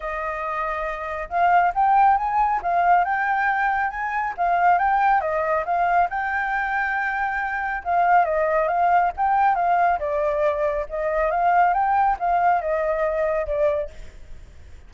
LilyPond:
\new Staff \with { instrumentName = "flute" } { \time 4/4 \tempo 4 = 138 dis''2. f''4 | g''4 gis''4 f''4 g''4~ | g''4 gis''4 f''4 g''4 | dis''4 f''4 g''2~ |
g''2 f''4 dis''4 | f''4 g''4 f''4 d''4~ | d''4 dis''4 f''4 g''4 | f''4 dis''2 d''4 | }